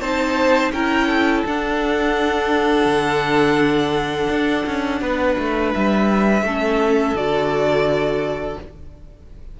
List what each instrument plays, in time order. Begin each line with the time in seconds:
0.00 cello C4, viola D#4, violin C5 A5
0.72 cello C#4, viola E4, violin A#4 G5
1.07 violin A4
1.46 viola D4, cello D4, violin F#5
2.85 cello D3
4.29 cello D4
4.66 cello C#4
5.01 cello B3, violin B4
5.38 cello A3
5.74 cello G3, violin E5
6.42 cello A3, viola C#4, violin A4
7.13 cello D3, viola F#4, violin D5